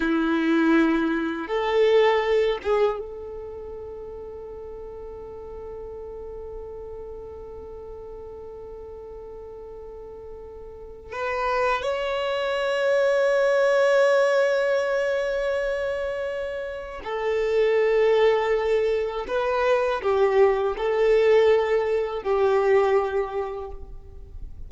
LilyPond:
\new Staff \with { instrumentName = "violin" } { \time 4/4 \tempo 4 = 81 e'2 a'4. gis'8 | a'1~ | a'1~ | a'2. b'4 |
cis''1~ | cis''2. a'4~ | a'2 b'4 g'4 | a'2 g'2 | }